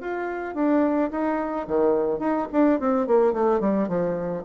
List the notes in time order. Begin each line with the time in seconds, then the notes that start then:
0.00 F4
0.54 D4
1.11 D#4
1.67 D#3
2.19 D#4
2.52 D4
2.79 C4
3.07 A#3
3.33 A3
3.60 G3
3.88 F3